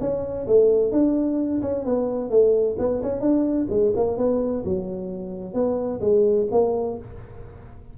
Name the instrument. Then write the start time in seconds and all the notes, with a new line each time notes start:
tuba
0.00 C#4
0.47 A3
0.92 D4
1.62 C#4
1.85 B3
2.30 A3
2.78 B3
3.03 C#4
3.20 D4
3.70 G#3
3.96 A#3
4.17 B3
4.64 F#3
5.53 B3
6.00 G#3
6.51 A#3